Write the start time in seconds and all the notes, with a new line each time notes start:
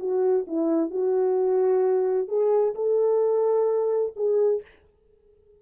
0.00 F#4
0.47 E4
0.91 F#4
2.29 G#4
2.75 A4
4.17 G#4